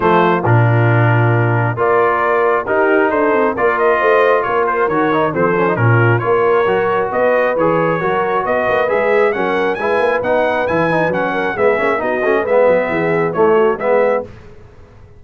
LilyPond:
<<
  \new Staff \with { instrumentName = "trumpet" } { \time 4/4 \tempo 4 = 135 c''4 ais'2. | d''2 ais'4 c''4 | d''8 dis''4. cis''8 c''8 cis''4 | c''4 ais'4 cis''2 |
dis''4 cis''2 dis''4 | e''4 fis''4 gis''4 fis''4 | gis''4 fis''4 e''4 dis''4 | e''2 cis''4 e''4 | }
  \new Staff \with { instrumentName = "horn" } { \time 4/4 f'1 | ais'2 g'4 a'4 | ais'4 c''4 ais'2 | a'4 f'4 ais'2 |
b'2 ais'4 b'4~ | b'4 ais'4 b'2~ | b'4. ais'8 gis'4 fis'4 | b'4 gis'4 e'8 fis'8 gis'4 | }
  \new Staff \with { instrumentName = "trombone" } { \time 4/4 a4 d'2. | f'2 dis'2 | f'2. fis'8 dis'8 | c'8 cis'16 dis'16 cis'4 f'4 fis'4~ |
fis'4 gis'4 fis'2 | gis'4 cis'4 e'4 dis'4 | e'8 dis'8 cis'4 b8 cis'8 dis'8 cis'8 | b2 a4 b4 | }
  \new Staff \with { instrumentName = "tuba" } { \time 4/4 f4 ais,2. | ais2 dis'4 d'8 c'8 | ais4 a4 ais4 dis4 | f4 ais,4 ais4 fis4 |
b4 e4 fis4 b8 ais8 | gis4 fis4 gis8 ais8 b4 | e4 fis4 gis8 ais8 b8 a8 | gis8 fis8 e4 a4 gis4 | }
>>